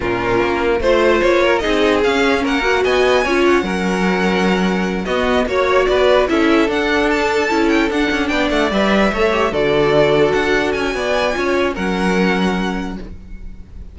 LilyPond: <<
  \new Staff \with { instrumentName = "violin" } { \time 4/4 \tempo 4 = 148 ais'2 c''4 cis''4 | dis''4 f''4 fis''4 gis''4~ | gis''8 fis''2.~ fis''8~ | fis''8 dis''4 cis''4 d''4 e''8~ |
e''8 fis''4 a''4. g''8 fis''8~ | fis''8 g''8 fis''8 e''2 d''8~ | d''4. fis''4 gis''4.~ | gis''4 fis''2. | }
  \new Staff \with { instrumentName = "violin" } { \time 4/4 f'2 c''4. ais'8 | gis'2 ais'4 dis''4 | cis''4 ais'2.~ | ais'8 fis'4 cis''4 b'4 a'8~ |
a'1~ | a'8 d''2 cis''4 a'8~ | a'2. d''4 | cis''4 ais'2. | }
  \new Staff \with { instrumentName = "viola" } { \time 4/4 cis'2 f'2 | dis'4 cis'4. fis'4. | f'4 cis'2.~ | cis'8 b4 fis'2 e'8~ |
e'8 d'2 e'4 d'8~ | d'4. b'4 a'8 g'8 fis'8~ | fis'1 | f'4 cis'2. | }
  \new Staff \with { instrumentName = "cello" } { \time 4/4 ais,4 ais4 a4 ais4 | c'4 cis'4 ais4 b4 | cis'4 fis2.~ | fis8 b4 ais4 b4 cis'8~ |
cis'8 d'2 cis'4 d'8 | cis'8 b8 a8 g4 a4 d8~ | d4. d'4 cis'8 b4 | cis'4 fis2. | }
>>